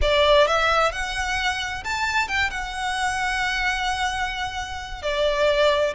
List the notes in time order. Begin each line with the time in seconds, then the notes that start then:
0.01 D5
0.47 E5
0.92 F#5
1.84 A5
2.28 G5
2.50 F#5
5.02 D5